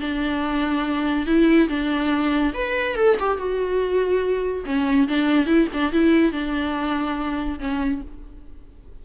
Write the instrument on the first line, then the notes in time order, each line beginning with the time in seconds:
viola
0.00 D4
1.26 E4
1.69 D4
2.54 B4
2.96 A4
3.20 G4
3.38 F#4
4.65 C#4
5.08 D4
5.46 E4
5.73 D4
5.93 E4
6.32 D4
7.59 C#4